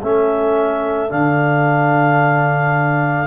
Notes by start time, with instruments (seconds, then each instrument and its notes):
0.00 tuba A3, trombone C#4, saxophone A4, clarinet E5
1.09 tuba D3, trombone D4, clarinet F5